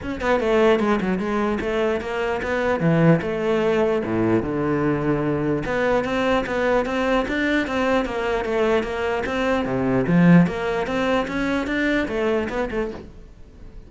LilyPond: \new Staff \with { instrumentName = "cello" } { \time 4/4 \tempo 4 = 149 cis'8 b8 a4 gis8 fis8 gis4 | a4 ais4 b4 e4 | a2 a,4 d4~ | d2 b4 c'4 |
b4 c'4 d'4 c'4 | ais4 a4 ais4 c'4 | c4 f4 ais4 c'4 | cis'4 d'4 a4 b8 a8 | }